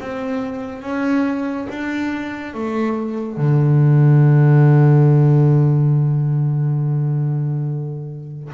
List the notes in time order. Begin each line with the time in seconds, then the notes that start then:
0.00 C4
0.82 C#4
1.69 D4
2.54 A3
3.37 D3